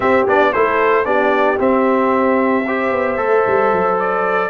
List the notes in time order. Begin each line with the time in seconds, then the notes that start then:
0.00 C4 G4 E5
0.27 B3 D4 D5
0.52 A3 E4 A4 C5
1.04 B3 D4 G4 D5
1.58 C4 E5
2.65 G4 C5
2.91 B3
3.16 A3 A4
3.46 G3
3.72 F#3
3.99 D5